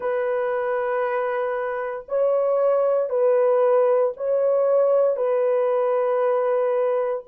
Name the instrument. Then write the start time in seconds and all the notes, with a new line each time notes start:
horn
0.00 B4
2.08 C#5
3.09 B4
4.17 C#5
5.16 B4